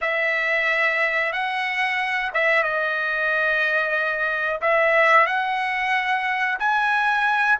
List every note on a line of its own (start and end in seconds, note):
0.01 1.32 E5
1.32 2.31 F#5
2.34 2.63 E5
2.63 4.60 D#5
4.61 5.26 E5
5.26 6.58 F#5
6.59 7.58 G#5